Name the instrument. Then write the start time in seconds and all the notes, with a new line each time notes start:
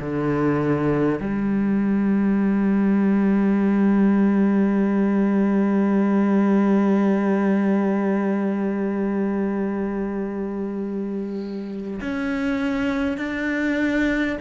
cello
0.00 D3
1.20 G3
12.01 C#4
13.17 D4